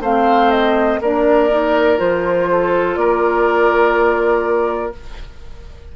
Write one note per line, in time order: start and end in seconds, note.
0.00 0.98 A3
0.00 1.01 C4
0.00 0.99 C5
0.00 0.50 F5
0.50 1.00 D#5
1.00 1.99 A#3
1.00 1.49 D4
1.00 2.48 A#4
1.00 1.99 D5
1.49 1.97 D#4
1.97 2.96 F3
1.97 4.92 F4
1.97 2.95 C5
2.50 2.99 A4
2.95 4.93 A#3
2.95 4.96 A#4
2.95 4.92 D5